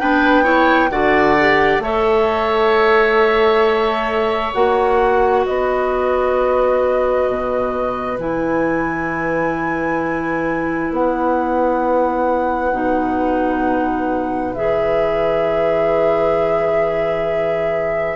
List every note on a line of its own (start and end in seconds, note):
0.00 0.91 B3
0.00 0.44 D4
0.00 0.44 B4
0.00 0.91 G5
0.44 0.90 E4
0.44 0.90 C#5
0.91 1.79 D3
0.91 1.37 F#4
0.91 1.83 D5
0.91 1.82 F#5
1.40 1.84 G4
1.79 4.52 A3
1.79 4.55 A4
1.79 5.45 C#5
1.79 4.54 E5
4.54 5.46 A#3
4.54 8.18 F#4
4.54 5.45 F#5
5.45 7.29 B3
5.45 18.16 B4
5.45 8.19 D#5
7.29 8.19 B2
8.19 10.91 E3
8.19 12.73 E4
8.19 10.94 G#5
10.91 12.72 B3
10.91 14.55 F#5
12.72 14.54 B2
12.72 14.55 D#4
14.55 18.16 E3
14.55 18.16 G#4
14.55 18.16 E5